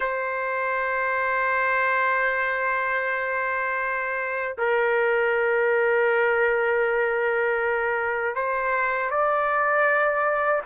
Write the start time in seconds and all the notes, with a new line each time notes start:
0.00 C5
4.58 A#4
8.35 C5
9.10 D5